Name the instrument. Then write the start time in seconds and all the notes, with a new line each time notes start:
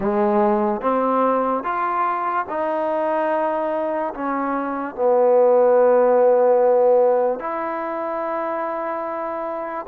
trombone
0.00 G#3
0.81 C4
1.63 F4
2.49 D#4
4.14 C#4
4.95 B3
7.39 E4